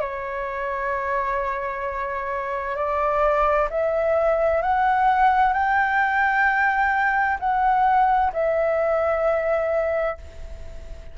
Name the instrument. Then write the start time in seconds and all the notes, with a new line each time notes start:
flute
0.00 C#5
2.76 D5
3.70 E5
4.62 F#5
5.53 G5
7.39 F#5
8.32 E5